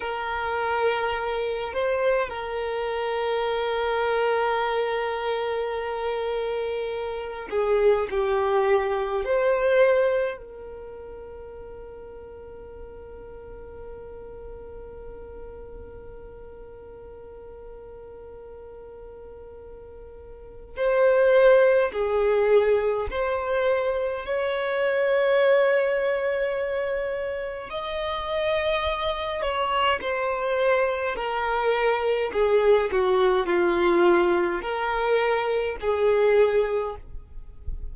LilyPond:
\new Staff \with { instrumentName = "violin" } { \time 4/4 \tempo 4 = 52 ais'4. c''8 ais'2~ | ais'2~ ais'8 gis'8 g'4 | c''4 ais'2.~ | ais'1~ |
ais'2 c''4 gis'4 | c''4 cis''2. | dis''4. cis''8 c''4 ais'4 | gis'8 fis'8 f'4 ais'4 gis'4 | }